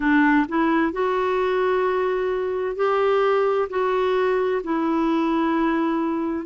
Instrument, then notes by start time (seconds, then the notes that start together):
clarinet
0.00 D4
0.48 E4
0.92 F#4
2.76 G4
3.69 F#4
4.63 E4